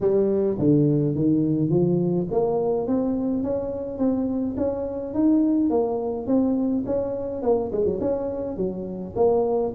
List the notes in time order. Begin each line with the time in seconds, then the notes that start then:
0.00 G3
0.58 D3
1.15 D#3
1.69 F3
2.31 A#3
2.87 C4
3.43 C#4
3.98 C4
4.57 C#4
5.14 D#4
5.70 A#3
6.26 C4
6.86 C#4
7.42 A#3
7.71 G#3
7.85 F#3
8.01 C#4
8.56 F#3
9.15 A#3